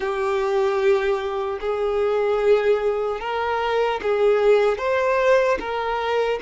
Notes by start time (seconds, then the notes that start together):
0.00 G4
1.60 G#4
3.20 A#4
4.02 G#4
4.78 C5
5.59 A#4